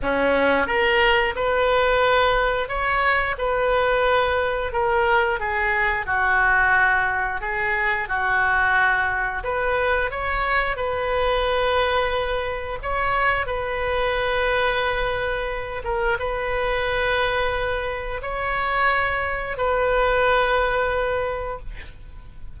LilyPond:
\new Staff \with { instrumentName = "oboe" } { \time 4/4 \tempo 4 = 89 cis'4 ais'4 b'2 | cis''4 b'2 ais'4 | gis'4 fis'2 gis'4 | fis'2 b'4 cis''4 |
b'2. cis''4 | b'2.~ b'8 ais'8 | b'2. cis''4~ | cis''4 b'2. | }